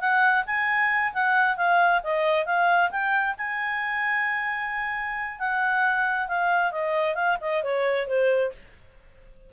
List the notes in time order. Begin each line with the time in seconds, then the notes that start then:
0.00 F#5
0.46 G#5
1.14 F#5
1.57 F5
2.04 D#5
2.46 F5
2.91 G5
3.38 G#5
5.39 F#5
6.28 F5
6.72 D#5
7.15 F5
7.41 D#5
7.63 C#5
8.07 C5